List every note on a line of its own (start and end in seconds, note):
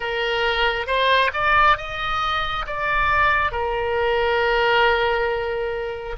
0.00 0.86 A#4
0.86 1.30 C5
1.33 1.77 D5
1.77 2.65 D#5
2.66 3.51 D5
3.51 6.16 A#4